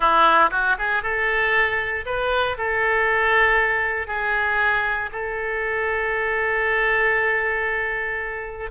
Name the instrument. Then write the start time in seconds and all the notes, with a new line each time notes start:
oboe
0.00 E4
0.50 F#4
0.78 G#4
1.02 A4
2.05 B4
2.57 A4
4.07 G#4
5.11 A4